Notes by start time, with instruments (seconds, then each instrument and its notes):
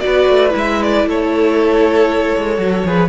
0.00 viola F#4, violin D5
0.06 cello B3, violin B4
0.29 cello A3
0.50 cello G#3, viola E4
0.58 violin E5
0.83 violin D5
1.05 cello A3, violin A4 C#5
2.37 cello G#3
2.58 cello F#3, viola F#4
2.85 cello F3, viola G#4, violin B4